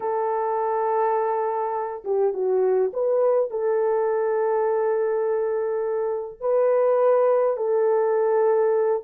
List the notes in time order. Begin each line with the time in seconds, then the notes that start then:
0.00 A4
2.04 G4
2.33 F#4
2.93 B4
3.50 A4
6.40 B4
7.56 A4